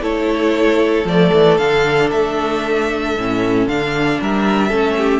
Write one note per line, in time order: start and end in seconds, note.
0.00 1.04 A3
0.00 1.04 E4
0.00 4.19 A4
0.00 1.07 C#5
1.04 1.30 F3
1.04 1.59 A3
1.04 1.57 D5
1.33 1.58 E3
1.57 2.10 D3
1.57 3.17 D4
1.57 2.09 F5
2.11 3.16 A3
2.11 3.67 E5
3.17 3.66 A2
3.17 3.69 C#4
3.66 4.19 D3
3.66 4.69 D4
3.66 4.20 F5
4.20 4.72 G3
4.20 4.68 A#4
4.20 5.20 E5
4.68 5.20 A3
4.68 5.20 C#4
4.68 4.94 A4
4.97 5.20 G4